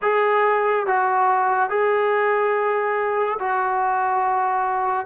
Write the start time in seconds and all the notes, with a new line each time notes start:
0.02 G#4
0.86 F#4
1.69 G#4
3.39 F#4